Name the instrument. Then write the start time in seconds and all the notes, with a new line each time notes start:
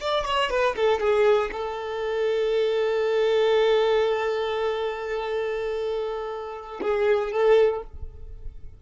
violin
0.00 D5
0.25 C#5
0.50 B4
0.76 A4
1.00 G#4
1.51 A4
6.81 G#4
7.32 A4